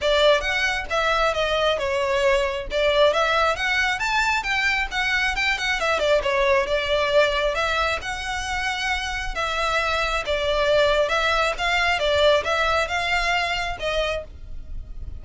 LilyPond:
\new Staff \with { instrumentName = "violin" } { \time 4/4 \tempo 4 = 135 d''4 fis''4 e''4 dis''4 | cis''2 d''4 e''4 | fis''4 a''4 g''4 fis''4 | g''8 fis''8 e''8 d''8 cis''4 d''4~ |
d''4 e''4 fis''2~ | fis''4 e''2 d''4~ | d''4 e''4 f''4 d''4 | e''4 f''2 dis''4 | }